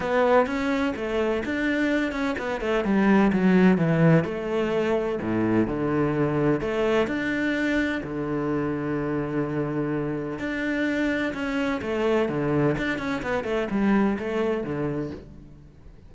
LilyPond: \new Staff \with { instrumentName = "cello" } { \time 4/4 \tempo 4 = 127 b4 cis'4 a4 d'4~ | d'8 cis'8 b8 a8 g4 fis4 | e4 a2 a,4 | d2 a4 d'4~ |
d'4 d2.~ | d2 d'2 | cis'4 a4 d4 d'8 cis'8 | b8 a8 g4 a4 d4 | }